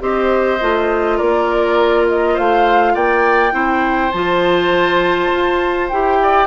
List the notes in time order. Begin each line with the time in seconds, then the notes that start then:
0.00 C4 G4 C5 D#5
0.61 A3 F4
1.18 A#3 A#4 D5
2.08 D#5
2.34 A3 C5 F5
2.94 A#3 D5 G5
3.52 C4 E4 C5
4.12 F3 F4 A5
5.32 F4
5.89 E4 G4 G5
6.22 D5